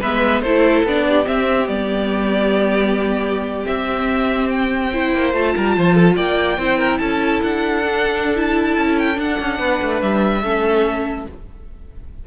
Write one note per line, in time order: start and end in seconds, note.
0.00 0.42 G#3
0.00 0.45 B3
0.00 0.42 B4
0.00 0.41 E5
0.41 0.83 A3
0.41 0.87 E4
0.41 1.05 A4
0.41 0.83 C5
0.84 1.26 B3
0.84 1.24 D4
0.84 1.27 D5
1.08 4.92 G4
1.24 1.66 C4
1.24 1.68 C4
1.24 1.68 E5
1.68 3.66 G3
1.68 3.64 B3
1.68 3.66 D5
3.64 4.89 C4
3.64 5.14 C4
3.64 4.49 E5
4.49 5.32 G5
4.92 5.33 E4
4.92 5.55 C5
5.14 5.33 A#3
5.33 5.54 A3
5.33 6.58 F4
5.33 6.16 A5
5.55 5.77 G3
5.55 5.76 A#4
5.77 6.16 F3
5.77 5.94 C5
5.94 6.15 A4
6.16 6.58 A#3
6.16 6.58 D5
6.16 6.98 G5
6.58 6.99 C4
6.58 7.84 E4
6.58 6.78 C5
6.78 6.99 A#4
6.98 7.41 C#4
6.98 9.59 A4
6.98 7.40 A5
7.43 8.77 D4
7.43 8.36 F#5
7.84 8.35 D4
8.35 9.15 E4
8.35 8.99 A5
8.77 9.18 C#4
8.99 9.19 G5
9.15 10.40 D4
9.15 9.39 D4
9.15 10.01 F#5
9.40 9.59 C#4
9.59 9.80 B3
9.59 10.42 B4
9.82 10.02 A3
10.01 10.43 G3
10.01 11.26 E5
10.42 11.26 A3
10.42 11.27 C#4
10.42 11.25 A4